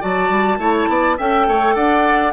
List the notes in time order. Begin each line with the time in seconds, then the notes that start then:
0.00 F#3 F#4 D5 A5
0.30 G3
0.58 A3 E4 C#5
0.89 B3 D5
1.17 C#4 A4 E5 G5
1.48 A3 C#5
1.75 D4 D5 F#5